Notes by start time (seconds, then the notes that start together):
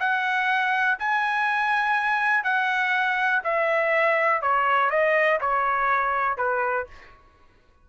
0.00 F#5
0.99 G#5
2.44 F#5
3.44 E5
4.42 C#5
4.91 D#5
5.41 C#5
6.38 B4